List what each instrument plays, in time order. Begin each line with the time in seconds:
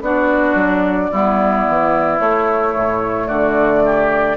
0.00 bassoon B3, clarinet D4, oboe F#4, flute D5
0.54 bassoon F#3
1.11 bassoon G3, clarinet B3, oboe E4
1.67 bassoon E3
2.18 clarinet A3, bassoon A3, flute C#5
2.75 bassoon A2
3.27 bassoon D3, oboe F#4, flute D5
3.85 oboe G4